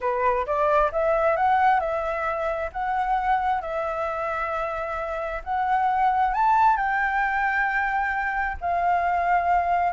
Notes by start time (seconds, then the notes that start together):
0.01 B4
0.46 D5
0.91 E5
1.36 F#5
1.79 E5
2.72 F#5
3.61 E5
5.44 F#5
6.33 A5
6.76 G5
8.60 F5